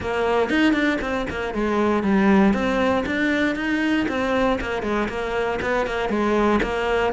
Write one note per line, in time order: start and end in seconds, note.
0.00 0.49 A#3
0.49 0.73 D#4
0.73 0.98 D4
1.01 1.26 C4
1.29 1.54 A#3
1.54 2.03 G#3
2.03 2.53 G3
2.53 3.04 C4
3.05 3.55 D4
3.55 4.06 D#4
4.08 4.59 C4
4.60 4.82 A#3
4.82 5.08 G#3
5.08 5.59 A#3
5.61 5.86 B3
5.86 6.09 A#3
6.09 6.60 G#3
6.62 7.12 A#3